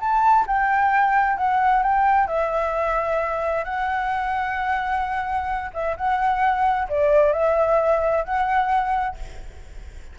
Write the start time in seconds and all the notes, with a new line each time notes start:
0.00 A5
0.47 G5
1.37 F#5
1.83 G5
2.27 E5
3.65 F#5
5.74 E5
5.97 F#5
6.89 D5
7.33 E5
8.25 F#5